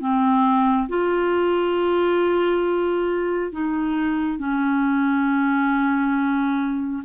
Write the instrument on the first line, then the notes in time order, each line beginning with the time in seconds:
clarinet
0.00 C4
0.89 F4
3.52 D#4
4.39 C#4